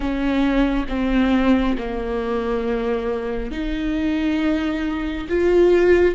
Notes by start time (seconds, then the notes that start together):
0.00 C#4
0.88 C4
1.77 A#3
3.51 D#4
5.29 F4